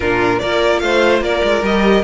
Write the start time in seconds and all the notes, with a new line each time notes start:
0.00 A#2 D4 F4 A#4
0.39 A#3 F4 A#4 D5
0.79 A3 C5 F5
1.21 A#3 A#4 D5
1.43 G#3
1.62 G3 G4 D#5